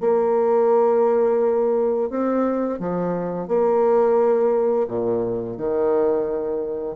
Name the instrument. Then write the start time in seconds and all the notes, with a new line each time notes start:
bassoon
0.00 A#3
2.09 C4
2.79 F3
3.48 A#3
4.87 A#2
5.57 D#3